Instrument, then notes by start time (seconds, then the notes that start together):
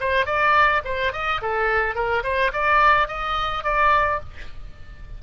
oboe
0.00 C5
0.25 D5
0.85 C5
1.13 D#5
1.41 A4
1.95 A#4
2.23 C5
2.53 D5
3.08 D#5
3.63 D5